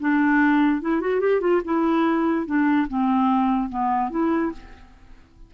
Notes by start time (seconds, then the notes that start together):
0.00 D4
0.81 E4
1.01 F#4
1.20 G4
1.41 F4
1.65 E4
2.46 D4
2.88 C4
3.70 B3
4.10 E4